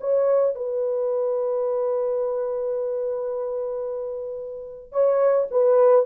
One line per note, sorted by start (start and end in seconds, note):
0.00 0.55 C#5
0.55 4.92 B4
4.92 5.47 C#5
5.51 6.06 B4